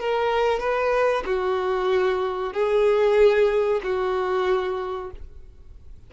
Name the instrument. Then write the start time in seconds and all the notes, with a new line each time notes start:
violin
0.00 A#4
0.60 B4
1.26 F#4
2.53 G#4
3.83 F#4